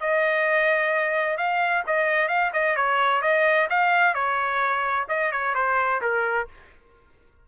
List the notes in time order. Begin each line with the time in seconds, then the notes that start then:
0.00 D#5
1.37 F5
1.86 D#5
2.28 F5
2.53 D#5
2.76 C#5
3.22 D#5
3.70 F5
4.14 C#5
5.09 D#5
5.32 C#5
5.54 C5
6.01 A#4